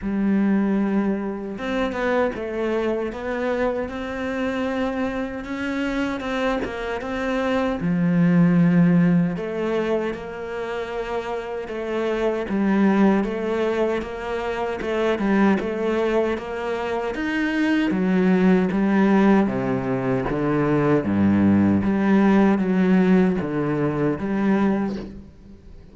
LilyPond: \new Staff \with { instrumentName = "cello" } { \time 4/4 \tempo 4 = 77 g2 c'8 b8 a4 | b4 c'2 cis'4 | c'8 ais8 c'4 f2 | a4 ais2 a4 |
g4 a4 ais4 a8 g8 | a4 ais4 dis'4 fis4 | g4 c4 d4 g,4 | g4 fis4 d4 g4 | }